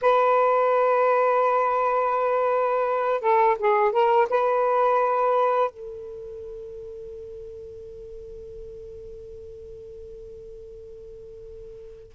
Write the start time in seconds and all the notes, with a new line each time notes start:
0.01 B4
3.20 A4
3.59 G#4
3.92 A#4
4.29 B4
5.70 A4